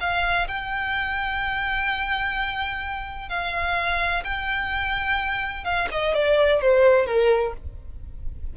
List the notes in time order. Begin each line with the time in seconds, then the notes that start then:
0.00 F5
0.48 G5
3.29 F5
4.24 G5
5.64 F5
5.91 D#5
6.14 D5
6.61 C5
7.06 A#4